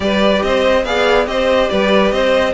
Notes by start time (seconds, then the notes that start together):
0.00 G3 G4 B4 D5
0.42 C4 C5 D#5
0.84 B3 G#4 D5 F5
1.26 C4 G4 C5 D#5
1.69 G3 B4 D5
2.11 C4 C5 D#5